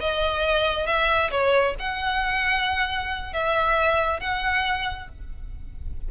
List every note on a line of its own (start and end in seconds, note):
0.00 0.87 D#5
0.87 1.31 E5
1.31 1.75 C#5
1.80 3.33 F#5
3.33 4.20 E5
4.20 5.08 F#5